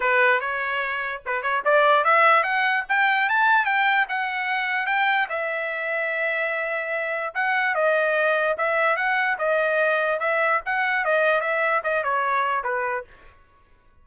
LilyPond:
\new Staff \with { instrumentName = "trumpet" } { \time 4/4 \tempo 4 = 147 b'4 cis''2 b'8 cis''8 | d''4 e''4 fis''4 g''4 | a''4 g''4 fis''2 | g''4 e''2.~ |
e''2 fis''4 dis''4~ | dis''4 e''4 fis''4 dis''4~ | dis''4 e''4 fis''4 dis''4 | e''4 dis''8 cis''4. b'4 | }